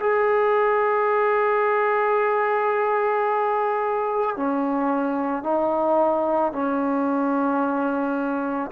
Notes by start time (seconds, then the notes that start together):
0.00 G#4
4.36 C#4
5.43 D#4
6.53 C#4